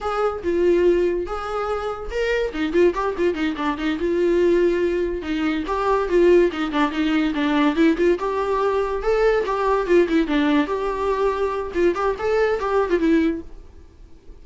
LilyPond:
\new Staff \with { instrumentName = "viola" } { \time 4/4 \tempo 4 = 143 gis'4 f'2 gis'4~ | gis'4 ais'4 dis'8 f'8 g'8 f'8 | dis'8 d'8 dis'8 f'2~ f'8~ | f'8 dis'4 g'4 f'4 dis'8 |
d'8 dis'4 d'4 e'8 f'8 g'8~ | g'4. a'4 g'4 f'8 | e'8 d'4 g'2~ g'8 | f'8 g'8 a'4 g'8. f'16 e'4 | }